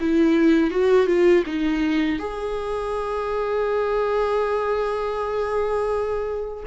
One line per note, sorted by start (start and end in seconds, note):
0.00 0.71 E4
0.71 1.06 F#4
1.06 1.43 F4
1.46 2.19 D#4
2.19 6.63 G#4